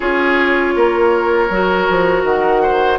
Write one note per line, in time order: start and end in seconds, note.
0.00 0.75 C#4
0.00 1.50 F4
0.00 0.73 G#4
0.00 2.23 C#5
0.75 1.50 A#3
0.75 2.62 A#4
1.50 1.87 F#3
1.50 2.99 F#4
1.89 2.23 F3
2.23 2.98 D#3
2.23 2.99 F#5
2.62 2.99 C5